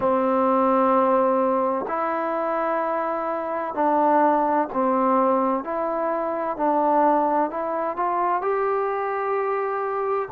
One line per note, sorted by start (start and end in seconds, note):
0.00 1.85 C4
1.87 3.74 E4
3.74 4.68 D4
4.73 5.63 C4
5.63 6.56 E4
6.56 7.50 D4
7.50 7.96 E4
7.96 8.41 F4
8.41 10.29 G4